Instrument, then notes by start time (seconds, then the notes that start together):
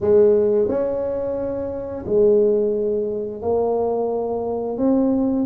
tuba
0.00 G#3
0.68 C#4
2.05 G#3
3.42 A#3
4.77 C4